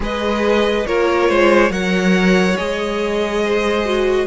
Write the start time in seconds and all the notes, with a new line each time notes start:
0.00 G#3 G#4 B4 D#5
0.86 A#3 F4 A#4 C#5
1.29 G#3 C5
1.69 F#3 A#4 C#5 F#5
2.56 G#3 G#4 D#5
3.44 C5
3.85 F#4